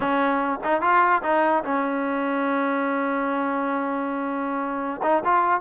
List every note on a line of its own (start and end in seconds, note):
0.00 0.59 C#4
0.63 0.81 D#4
0.81 1.22 F4
1.22 1.63 D#4
1.64 5.01 C#4
5.02 5.23 D#4
5.24 5.60 F4